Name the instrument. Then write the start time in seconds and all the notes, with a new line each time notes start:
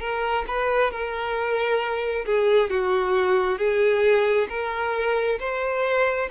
violin
0.00 A#4
0.48 B4
0.91 A#4
2.26 G#4
2.70 F#4
3.58 G#4
4.49 A#4
5.39 C5